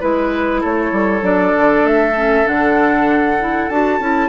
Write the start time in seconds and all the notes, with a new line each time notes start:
0.00 G#3 E4 B4
0.61 A3 A4 C#5
0.92 G3
1.21 F#3 D4 D5
1.57 D3
1.83 A3 E5
2.16 C#4
2.45 D3 D4 F#5
3.40 E4
3.69 D4 F#4 A5
4.00 C#4 E4